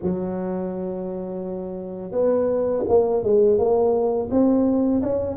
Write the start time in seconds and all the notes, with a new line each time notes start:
0.02 F#3
2.11 B3
2.88 A#3
3.23 G#3
3.58 A#3
4.31 C4
5.02 C#4